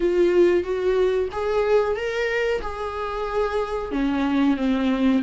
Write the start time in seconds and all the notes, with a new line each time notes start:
0.00 F4
0.63 F#4
1.32 G#4
1.96 A#4
2.61 G#4
3.91 C#4
4.57 C4